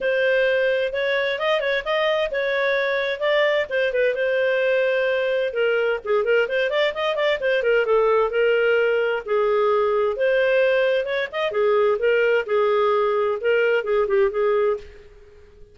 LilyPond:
\new Staff \with { instrumentName = "clarinet" } { \time 4/4 \tempo 4 = 130 c''2 cis''4 dis''8 cis''8 | dis''4 cis''2 d''4 | c''8 b'8 c''2. | ais'4 gis'8 ais'8 c''8 d''8 dis''8 d''8 |
c''8 ais'8 a'4 ais'2 | gis'2 c''2 | cis''8 dis''8 gis'4 ais'4 gis'4~ | gis'4 ais'4 gis'8 g'8 gis'4 | }